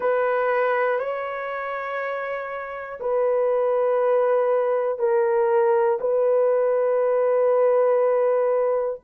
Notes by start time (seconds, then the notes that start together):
0.00 B4
0.99 C#5
3.00 B4
4.99 A#4
6.00 B4